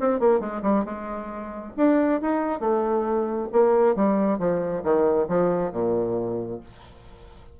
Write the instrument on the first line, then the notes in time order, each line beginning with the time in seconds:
bassoon
0.00 C4
0.19 A#3
0.40 G#3
0.63 G3
0.85 G#3
1.77 D4
2.21 D#4
2.60 A3
3.52 A#3
3.95 G3
4.39 F3
4.84 D#3
5.29 F3
5.72 A#2